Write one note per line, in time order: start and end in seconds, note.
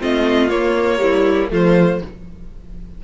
0.00 0.51 A3
0.00 0.50 C4
0.00 1.01 F4
0.00 0.50 D#5
0.50 0.99 A#3
0.50 1.51 A#3
0.50 1.50 C#5
0.99 1.49 G3
0.99 1.52 E4
1.50 2.02 F3
1.50 2.01 A3
1.50 2.02 F4
1.50 2.04 C5